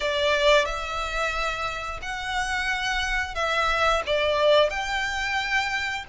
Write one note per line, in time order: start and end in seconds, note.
0.00 0.65 D5
0.65 2.00 E5
2.02 3.35 F#5
3.35 4.02 E5
4.06 4.69 D5
4.69 6.04 G5